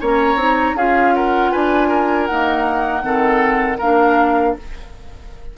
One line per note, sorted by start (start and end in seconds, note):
0.00 0.35 A#3
0.00 0.37 C#4
0.00 0.76 C#5
0.00 0.76 A#5
0.35 0.73 C4
0.35 0.75 D#4
0.74 1.50 C#4
0.74 2.29 F4
0.74 1.14 G#4
0.74 1.14 F5
1.14 1.51 A#4
1.14 1.51 F#5
1.51 2.29 D4
1.51 1.88 B4
1.51 2.26 G#5
1.88 3.02 A#4
2.26 3.02 A#3
2.26 3.03 D#4
2.26 3.78 F#5
3.02 3.79 D#3
3.02 3.78 C4
3.02 3.77 A4
3.77 4.55 A#3
3.77 4.57 D4
3.77 4.53 A#4
3.77 4.56 F5